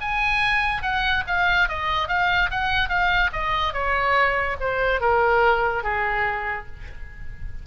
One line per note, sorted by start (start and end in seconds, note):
0.00 0.82 G#5
0.82 1.23 F#5
1.27 1.68 F5
1.68 2.08 D#5
2.08 2.50 F5
2.50 2.88 F#5
2.88 3.30 F5
3.32 3.73 D#5
3.73 4.56 C#5
4.60 5.00 C5
5.00 5.83 A#4
5.83 6.66 G#4